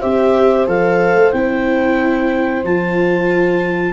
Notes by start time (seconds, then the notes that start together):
0.00 C4 G4 C5 E5
0.68 F3 A4 F5
1.15 A3
1.32 C4 E4 G5
2.64 F3 F4 A5